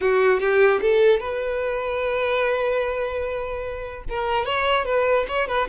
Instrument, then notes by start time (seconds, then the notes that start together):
violin
0.00 F#4
0.39 G4
0.81 A4
1.20 B4
4.09 A#4
4.45 C#5
4.85 B4
5.27 C#5
5.47 B4